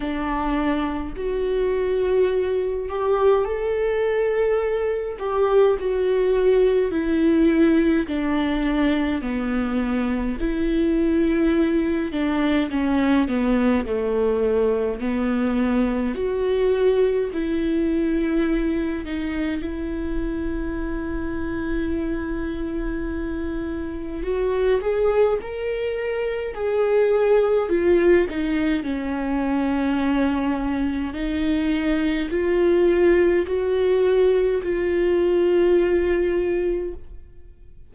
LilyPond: \new Staff \with { instrumentName = "viola" } { \time 4/4 \tempo 4 = 52 d'4 fis'4. g'8 a'4~ | a'8 g'8 fis'4 e'4 d'4 | b4 e'4. d'8 cis'8 b8 | a4 b4 fis'4 e'4~ |
e'8 dis'8 e'2.~ | e'4 fis'8 gis'8 ais'4 gis'4 | f'8 dis'8 cis'2 dis'4 | f'4 fis'4 f'2 | }